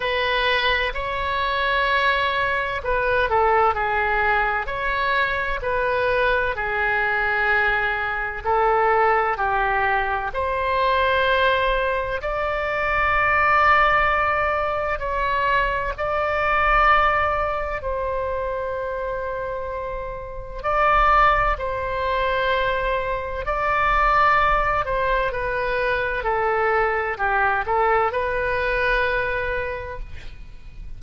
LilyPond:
\new Staff \with { instrumentName = "oboe" } { \time 4/4 \tempo 4 = 64 b'4 cis''2 b'8 a'8 | gis'4 cis''4 b'4 gis'4~ | gis'4 a'4 g'4 c''4~ | c''4 d''2. |
cis''4 d''2 c''4~ | c''2 d''4 c''4~ | c''4 d''4. c''8 b'4 | a'4 g'8 a'8 b'2 | }